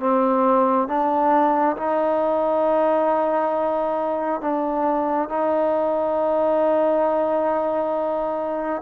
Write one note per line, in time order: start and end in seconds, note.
0.00 0.88 C4
0.88 1.76 D4
1.77 4.42 D#4
4.42 5.29 D4
5.29 8.82 D#4